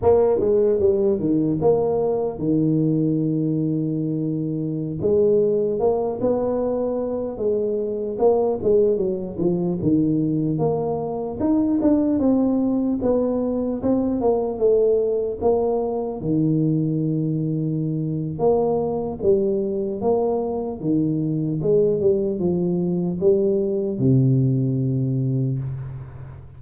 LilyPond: \new Staff \with { instrumentName = "tuba" } { \time 4/4 \tempo 4 = 75 ais8 gis8 g8 dis8 ais4 dis4~ | dis2~ dis16 gis4 ais8 b16~ | b4~ b16 gis4 ais8 gis8 fis8 f16~ | f16 dis4 ais4 dis'8 d'8 c'8.~ |
c'16 b4 c'8 ais8 a4 ais8.~ | ais16 dis2~ dis8. ais4 | g4 ais4 dis4 gis8 g8 | f4 g4 c2 | }